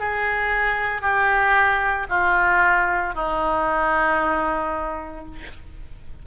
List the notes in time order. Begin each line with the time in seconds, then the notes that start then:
0.00 G#4
1.02 G4
2.10 F4
3.15 D#4